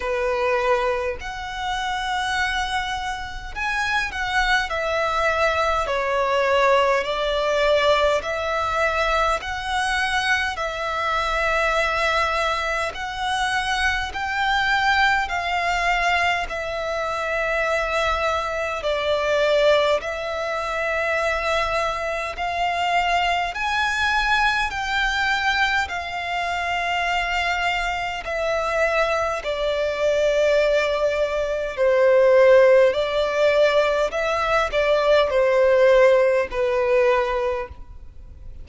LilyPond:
\new Staff \with { instrumentName = "violin" } { \time 4/4 \tempo 4 = 51 b'4 fis''2 gis''8 fis''8 | e''4 cis''4 d''4 e''4 | fis''4 e''2 fis''4 | g''4 f''4 e''2 |
d''4 e''2 f''4 | gis''4 g''4 f''2 | e''4 d''2 c''4 | d''4 e''8 d''8 c''4 b'4 | }